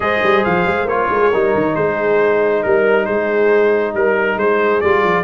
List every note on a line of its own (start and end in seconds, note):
0.00 0.20 G#3
0.00 0.87 G#4
0.00 1.11 C5
0.00 0.44 D#5
0.23 0.45 G3
0.44 0.65 F3
0.44 0.88 F5
0.65 0.85 G#3
0.85 1.07 A#3
0.85 1.33 F4
0.85 1.75 C#5
1.09 1.31 G#3
1.09 1.20 A#4
1.20 1.30 G#4
1.30 1.54 G3
1.30 4.83 D#4
1.30 1.74 A#4
1.54 1.76 D#3
1.75 2.64 G#3
1.75 2.63 G#4
1.75 2.62 C5
2.62 3.07 G3
2.62 3.05 A#4
2.62 3.06 A#4
3.05 3.93 G#3
3.05 3.93 G#4
3.05 3.93 C5
3.93 4.36 G3
3.93 4.38 A#4
4.36 4.80 G#3
4.36 5.24 G#4
4.36 4.80 C5
4.80 5.04 G3
4.80 5.24 F4
4.80 5.24 D5
5.04 5.24 F3